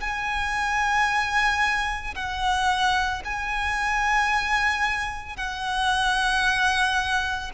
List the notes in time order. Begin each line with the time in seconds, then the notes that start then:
0.00 G#5
2.15 F#5
3.24 G#5
5.36 F#5